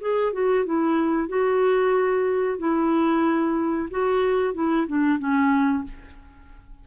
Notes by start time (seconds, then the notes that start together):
0.00 G#4
0.33 F#4
0.65 E4
1.28 F#4
2.58 E4
3.90 F#4
4.54 E4
4.87 D4
5.18 C#4